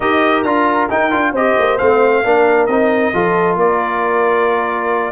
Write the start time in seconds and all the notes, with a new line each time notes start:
0.00 D#4 G4 A#4 D#5
0.43 D4 F4 A#5
0.89 D#4 G5
1.11 D4 F4
1.31 C4 G4 C5 D#5
1.58 A#3
1.78 A3 C4 F5
2.24 A#3 D4 A#4
2.66 C4 D#4 D#5
3.13 F3 F4 A4
3.56 A#3 A#4 D5